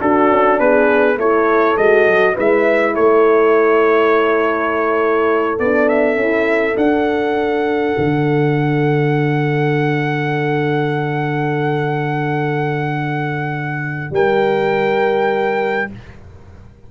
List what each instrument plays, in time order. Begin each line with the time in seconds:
0.00 horn D4 F#4, tuba D4, trumpet A4
0.31 tuba C#4
0.60 tuba B3, horn G#4, trumpet B4
1.17 tuba A3, horn E4 A4, trumpet C#5
1.77 tuba G#3, horn F#4, trumpet D#5
2.07 tuba F#3
2.35 tuba G#3, horn E4 B4, trumpet E5
2.94 tuba A3, horn A4, trumpet C#5
5.59 tuba B3, horn D4, trumpet D5
5.89 trumpet E5
6.16 tuba C#4, horn E4
6.77 tuba D4, horn D4, trumpet F#5
7.98 tuba D3
14.11 tuba G3, horn A#4, trumpet G5